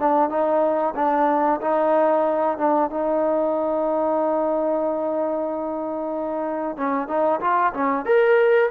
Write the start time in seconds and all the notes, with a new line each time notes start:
0.00 D4
0.30 D#4
0.96 D4
1.62 D#4
2.58 D4
2.91 D#4
6.78 C#4
7.08 D#4
7.41 F4
7.74 C#4
8.06 A#4